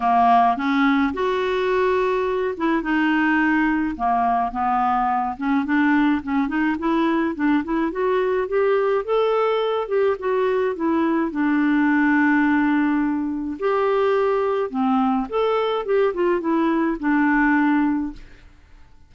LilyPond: \new Staff \with { instrumentName = "clarinet" } { \time 4/4 \tempo 4 = 106 ais4 cis'4 fis'2~ | fis'8 e'8 dis'2 ais4 | b4. cis'8 d'4 cis'8 dis'8 | e'4 d'8 e'8 fis'4 g'4 |
a'4. g'8 fis'4 e'4 | d'1 | g'2 c'4 a'4 | g'8 f'8 e'4 d'2 | }